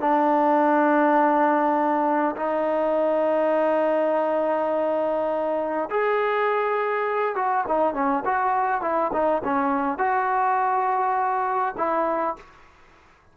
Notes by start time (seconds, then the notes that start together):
0.00 D4
2.36 D#4
5.90 G#4
7.35 F#4
7.67 D#4
7.94 C#4
8.25 F#4
8.81 E4
9.13 D#4
9.44 C#4
9.98 F#4
11.77 E4